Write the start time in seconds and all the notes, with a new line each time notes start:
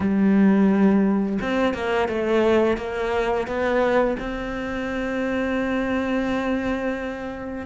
0.00 G3
1.41 C4
1.73 A#3
2.08 A3
2.77 A#3
3.47 B3
4.19 C4